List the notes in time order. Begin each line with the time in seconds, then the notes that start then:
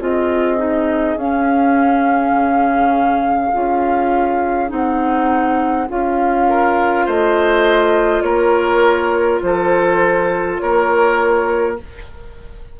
0.00 C4 F4 G#4 D#5
0.57 D#4
1.16 C#4 F5
2.32 C#3
3.52 C#4 F4
4.68 C4 D#4 F#5
5.88 C#4 F4 F5
6.49 A#4
7.06 A3 C5 D#5
8.22 A#3 A#4 C#5
9.42 F3 A4 C5
10.58 A#3 A#4 C#5